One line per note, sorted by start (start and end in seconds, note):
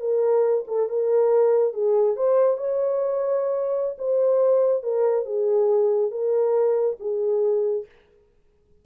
0.00 0.64 A#4
0.67 0.89 A4
0.89 1.73 A#4
1.73 2.16 G#4
2.16 2.57 C5
2.57 3.96 C#5
3.98 4.83 C5
4.83 5.25 A#4
5.25 6.11 G#4
6.11 6.97 A#4
7.00 7.85 G#4